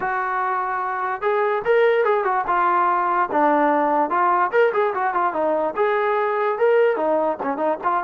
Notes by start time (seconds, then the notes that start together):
0.00 F#4
1.21 G#4
1.64 A#4
2.04 G#4
2.24 F#4
2.47 F4
3.31 D4
4.09 F4
4.51 A#4
4.73 G#4
4.94 F#4
5.14 F4
5.33 D#4
5.76 G#4
6.58 A#4
6.96 D#4
7.42 C#4
7.57 D#4
7.83 F4